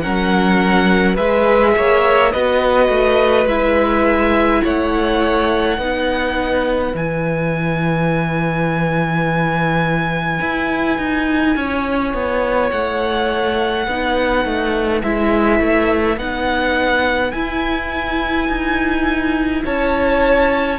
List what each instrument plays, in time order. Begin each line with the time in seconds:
0.00 cello F#3, viola C#4, violin A#4 F#5
1.14 cello G#3, viola G#4, violin B4 E5
1.76 cello A#3, violin C#5
2.31 cello B3, viola F#4, violin B4 D#5
2.88 cello A3
3.45 cello G#3, viola E4, violin E5
4.63 cello A3, violin C#5 F#5
5.78 cello B3, viola D#4, violin B4
6.93 cello E3, viola E4, violin G#5
10.40 cello E4
10.98 cello D#4
11.56 cello C#4, violin C#5
12.13 cello B3
12.70 cello A3, violin F#5
13.86 cello B3, viola D#4, violin B4
14.45 cello A3
15.03 cello G#3, viola E4, violin E5
15.59 cello A3
16.17 cello B3, viola D#4, violin F#5
17.31 viola E4, cello E4, violin G#5
18.48 cello D#4
19.65 cello C#4, violin C#5 A5